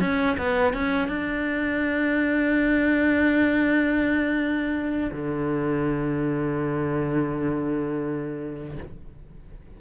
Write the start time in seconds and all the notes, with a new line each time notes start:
0.00 C#4
0.38 B3
0.73 C#4
1.08 D4
5.12 D3